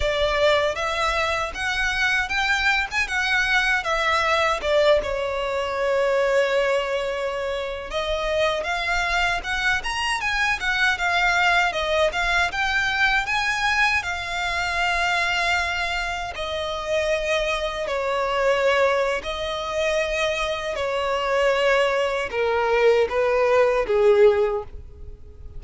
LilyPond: \new Staff \with { instrumentName = "violin" } { \time 4/4 \tempo 4 = 78 d''4 e''4 fis''4 g''8. gis''16 | fis''4 e''4 d''8 cis''4.~ | cis''2~ cis''16 dis''4 f''8.~ | f''16 fis''8 ais''8 gis''8 fis''8 f''4 dis''8 f''16~ |
f''16 g''4 gis''4 f''4.~ f''16~ | f''4~ f''16 dis''2 cis''8.~ | cis''4 dis''2 cis''4~ | cis''4 ais'4 b'4 gis'4 | }